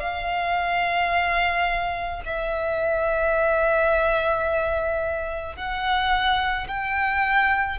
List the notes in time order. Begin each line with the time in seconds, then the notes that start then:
0.00 F5
2.26 E5
5.57 F#5
6.68 G5